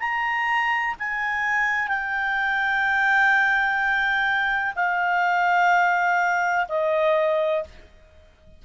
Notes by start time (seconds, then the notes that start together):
0.00 A#5
1.00 G#5
1.88 G5
4.76 F5
6.69 D#5